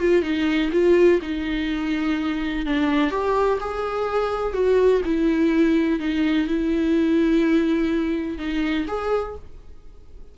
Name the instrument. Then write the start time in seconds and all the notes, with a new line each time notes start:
viola
0.00 F4
0.22 D#4
0.72 F4
1.22 D#4
2.66 D4
3.11 G4
3.60 G#4
4.53 F#4
5.05 E4
6.00 D#4
6.48 E4
8.38 D#4
8.87 G#4